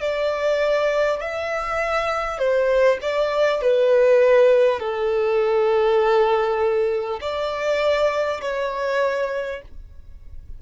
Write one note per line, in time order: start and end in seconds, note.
0.00 1.20 D5
1.21 2.38 E5
2.38 2.98 C5
3.01 3.61 D5
3.61 4.79 B4
4.79 7.19 A4
7.21 8.41 D5
8.41 9.61 C#5